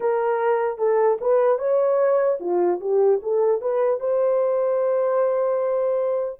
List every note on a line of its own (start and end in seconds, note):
0.00 0.78 A#4
0.78 1.18 A4
1.20 1.58 B4
1.58 2.38 C#5
2.40 2.80 F4
2.80 3.20 G4
3.22 3.61 A4
3.61 4.00 B4
4.00 6.40 C5